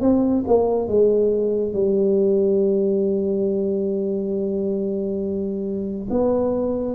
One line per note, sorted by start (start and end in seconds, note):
0.00 0.43 C4
0.47 0.87 A#3
0.87 1.73 G#3
1.73 6.08 G3
6.09 6.95 B3